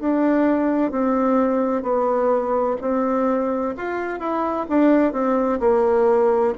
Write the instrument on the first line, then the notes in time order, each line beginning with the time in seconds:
bassoon
0.00 D4
0.92 C4
1.83 B3
2.81 C4
3.78 F4
4.20 E4
4.70 D4
5.13 C4
5.60 A#3